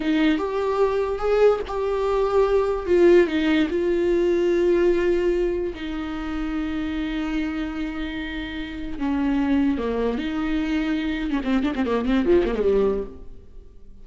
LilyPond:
\new Staff \with { instrumentName = "viola" } { \time 4/4 \tempo 4 = 147 dis'4 g'2 gis'4 | g'2. f'4 | dis'4 f'2.~ | f'2 dis'2~ |
dis'1~ | dis'2 cis'2 | ais4 dis'2~ dis'8. cis'16 | c'8 d'16 c'16 ais8 c'8 f8 ais16 gis16 g4 | }